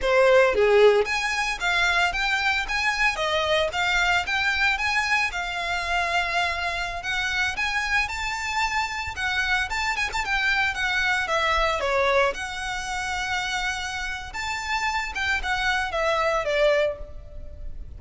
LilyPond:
\new Staff \with { instrumentName = "violin" } { \time 4/4 \tempo 4 = 113 c''4 gis'4 gis''4 f''4 | g''4 gis''4 dis''4 f''4 | g''4 gis''4 f''2~ | f''4~ f''16 fis''4 gis''4 a''8.~ |
a''4~ a''16 fis''4 a''8 gis''16 a''16 g''8.~ | g''16 fis''4 e''4 cis''4 fis''8.~ | fis''2. a''4~ | a''8 g''8 fis''4 e''4 d''4 | }